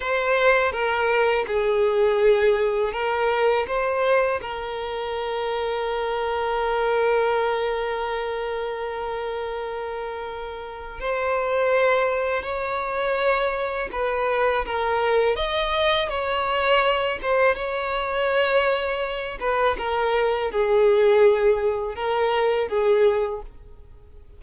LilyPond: \new Staff \with { instrumentName = "violin" } { \time 4/4 \tempo 4 = 82 c''4 ais'4 gis'2 | ais'4 c''4 ais'2~ | ais'1~ | ais'2. c''4~ |
c''4 cis''2 b'4 | ais'4 dis''4 cis''4. c''8 | cis''2~ cis''8 b'8 ais'4 | gis'2 ais'4 gis'4 | }